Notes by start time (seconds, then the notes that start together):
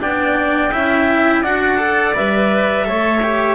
0.00 B3 D4 D5 G5
0.72 C#4 E4 E5
1.43 D4 F#4 D5 F#5
1.79 A4
2.15 G3 B4 E5
2.85 A3 A4 C#5
3.23 G4